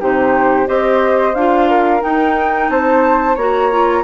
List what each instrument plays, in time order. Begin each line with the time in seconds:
0.00 bassoon C3, clarinet D#4, flute G4 C5
0.66 bassoon C4, clarinet G4, flute C5 D#5
1.34 bassoon D4, clarinet F4, flute F5
1.69 flute A#4
2.01 clarinet D#4, bassoon D#4, flute G5
2.69 bassoon C4, flute C5 A5
3.36 bassoon A#3, clarinet F#4, flute C#5 A#5
3.71 clarinet F4